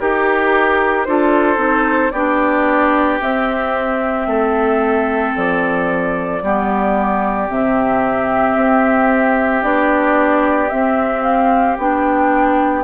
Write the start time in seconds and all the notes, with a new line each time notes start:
0.00 D#4 G4 A#4
1.05 D4 F4 A4 C5
1.56 C4 D#4
2.11 B3 D4 G4 D5
3.21 C4 E5
4.27 A3 A4
5.36 F3 D5
6.42 G3 B3 G4
7.48 C3 C4 E5
8.56 C4
9.62 B3 D4 D5
10.69 C4 E5
11.23 F5
11.78 B3 D4 G5